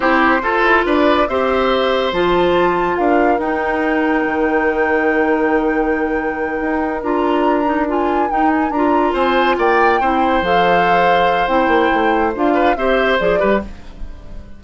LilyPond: <<
  \new Staff \with { instrumentName = "flute" } { \time 4/4 \tempo 4 = 141 c''2 d''4 e''4~ | e''4 a''2 f''4 | g''1~ | g''1~ |
g''8 ais''2 gis''4 g''8 | gis''8 ais''4 gis''4 g''4.~ | g''8 f''2~ f''8 g''4~ | g''4 f''4 e''4 d''4 | }
  \new Staff \with { instrumentName = "oboe" } { \time 4/4 g'4 a'4 b'4 c''4~ | c''2. ais'4~ | ais'1~ | ais'1~ |
ais'1~ | ais'4. c''4 d''4 c''8~ | c''1~ | c''4. b'8 c''4. b'8 | }
  \new Staff \with { instrumentName = "clarinet" } { \time 4/4 e'4 f'2 g'4~ | g'4 f'2. | dis'1~ | dis'1~ |
dis'8 f'4. dis'8 f'4 dis'8~ | dis'8 f'2. e'8~ | e'8 a'2~ a'8 e'4~ | e'4 f'4 g'4 gis'8 g'8 | }
  \new Staff \with { instrumentName = "bassoon" } { \time 4/4 c'4 f'8 e'8 d'4 c'4~ | c'4 f2 d'4 | dis'2 dis2~ | dis2.~ dis8 dis'8~ |
dis'8 d'2. dis'8~ | dis'8 d'4 c'4 ais4 c'8~ | c'8 f2~ f8 c'8 ais8 | a4 d'4 c'4 f8 g8 | }
>>